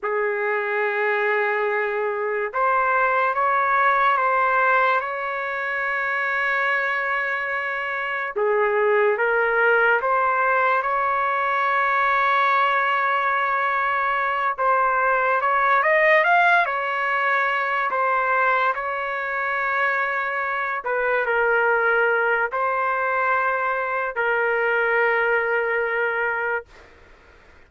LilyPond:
\new Staff \with { instrumentName = "trumpet" } { \time 4/4 \tempo 4 = 72 gis'2. c''4 | cis''4 c''4 cis''2~ | cis''2 gis'4 ais'4 | c''4 cis''2.~ |
cis''4. c''4 cis''8 dis''8 f''8 | cis''4. c''4 cis''4.~ | cis''4 b'8 ais'4. c''4~ | c''4 ais'2. | }